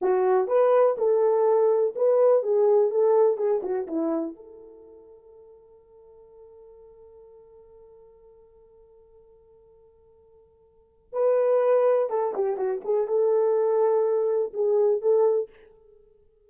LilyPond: \new Staff \with { instrumentName = "horn" } { \time 4/4 \tempo 4 = 124 fis'4 b'4 a'2 | b'4 gis'4 a'4 gis'8 fis'8 | e'4 a'2.~ | a'1~ |
a'1~ | a'2. b'4~ | b'4 a'8 g'8 fis'8 gis'8 a'4~ | a'2 gis'4 a'4 | }